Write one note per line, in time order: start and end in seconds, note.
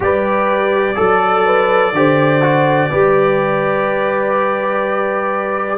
0.00 0.97 G3
0.00 0.95 G4
0.00 0.96 B4
0.00 5.78 D5
0.95 1.92 F#3
0.95 1.92 A4
0.95 1.44 A4
1.45 1.94 B4
1.92 2.89 D3
1.92 2.42 G4
1.92 2.90 C5
2.42 2.90 F#4
2.90 5.78 G3
2.90 5.78 G4
2.90 5.78 B4